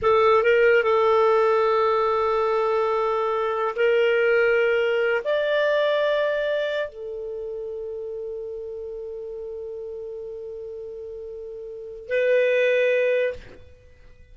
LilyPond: \new Staff \with { instrumentName = "clarinet" } { \time 4/4 \tempo 4 = 144 a'4 ais'4 a'2~ | a'1~ | a'4 ais'2.~ | ais'8 d''2.~ d''8~ |
d''8 a'2.~ a'8~ | a'1~ | a'1~ | a'4 b'2. | }